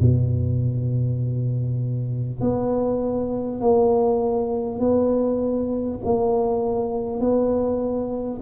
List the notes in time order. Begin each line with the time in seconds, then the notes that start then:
0.00 B2
2.40 B3
3.61 A#3
4.79 B3
6.04 A#3
7.20 B3